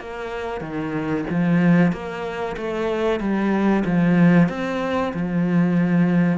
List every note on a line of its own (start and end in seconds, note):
0.00 0.61 A#3
0.61 1.25 D#3
1.30 1.92 F3
1.92 2.56 A#3
2.57 3.20 A3
3.20 3.84 G3
3.85 4.49 F3
4.49 5.13 C4
5.14 6.38 F3